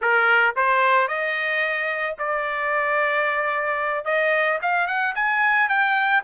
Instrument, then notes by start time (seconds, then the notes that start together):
trumpet
0.01 A#4
0.56 C5
1.08 D#5
2.18 D5
4.04 D#5
4.62 F5
4.87 F#5
5.15 G#5
5.68 G5